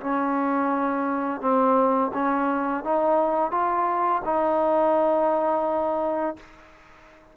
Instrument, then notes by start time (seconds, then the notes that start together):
trombone
0.00 C#4
1.41 C4
2.13 C#4
2.84 D#4
3.51 F4
4.24 D#4